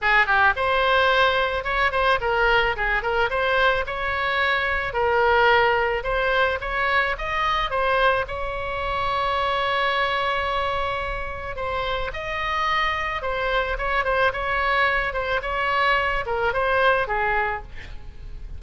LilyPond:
\new Staff \with { instrumentName = "oboe" } { \time 4/4 \tempo 4 = 109 gis'8 g'8 c''2 cis''8 c''8 | ais'4 gis'8 ais'8 c''4 cis''4~ | cis''4 ais'2 c''4 | cis''4 dis''4 c''4 cis''4~ |
cis''1~ | cis''4 c''4 dis''2 | c''4 cis''8 c''8 cis''4. c''8 | cis''4. ais'8 c''4 gis'4 | }